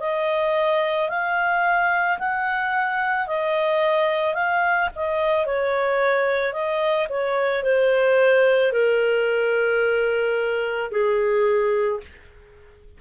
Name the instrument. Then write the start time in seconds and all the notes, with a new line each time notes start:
clarinet
0.00 D#5
1.10 F5
2.19 F#5
3.27 D#5
4.34 F5
4.95 D#5
5.46 C#5
6.53 D#5
7.10 C#5
7.63 C5
8.73 A#4
10.91 G#4